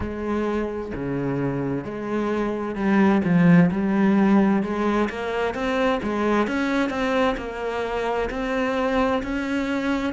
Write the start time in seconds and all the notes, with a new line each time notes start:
0.00 G#3
0.94 C#3
1.84 G#3
2.75 G3
3.24 F3
3.71 G3
4.62 G#3
5.09 A#3
5.54 C4
6.03 G#3
6.47 C#4
6.89 C4
7.37 A#3
8.30 C4
9.22 C#4